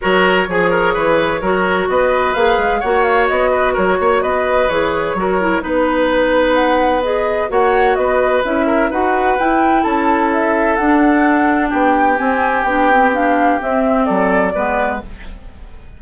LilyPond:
<<
  \new Staff \with { instrumentName = "flute" } { \time 4/4 \tempo 4 = 128 cis''1 | dis''4 f''4 fis''8 f''8 dis''4 | cis''4 dis''4 cis''2 | b'2 fis''4 dis''4 |
fis''4 dis''4 e''4 fis''4 | g''4 a''4 e''4 fis''4~ | fis''4 g''4 gis''4 g''4 | f''4 e''4 d''2 | }
  \new Staff \with { instrumentName = "oboe" } { \time 4/4 ais'4 gis'8 ais'8 b'4 ais'4 | b'2 cis''4. b'8 | ais'8 cis''8 b'2 ais'4 | b'1 |
cis''4 b'4. ais'8 b'4~ | b'4 a'2.~ | a'4 g'2.~ | g'2 a'4 b'4 | }
  \new Staff \with { instrumentName = "clarinet" } { \time 4/4 fis'4 gis'2 fis'4~ | fis'4 gis'4 fis'2~ | fis'2 gis'4 fis'8 e'8 | dis'2. gis'4 |
fis'2 e'4 fis'4 | e'2. d'4~ | d'2 c'4 d'8 c'8 | d'4 c'2 b4 | }
  \new Staff \with { instrumentName = "bassoon" } { \time 4/4 fis4 f4 e4 fis4 | b4 ais8 gis8 ais4 b4 | fis8 ais8 b4 e4 fis4 | b1 |
ais4 b4 cis'4 dis'4 | e'4 cis'2 d'4~ | d'4 b4 c'4 b4~ | b4 c'4 fis4 gis4 | }
>>